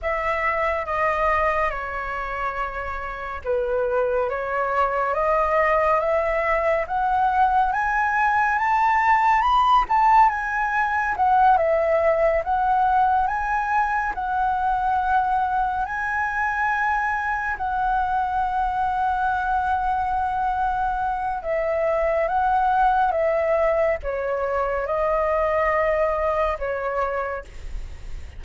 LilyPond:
\new Staff \with { instrumentName = "flute" } { \time 4/4 \tempo 4 = 70 e''4 dis''4 cis''2 | b'4 cis''4 dis''4 e''4 | fis''4 gis''4 a''4 b''8 a''8 | gis''4 fis''8 e''4 fis''4 gis''8~ |
gis''8 fis''2 gis''4.~ | gis''8 fis''2.~ fis''8~ | fis''4 e''4 fis''4 e''4 | cis''4 dis''2 cis''4 | }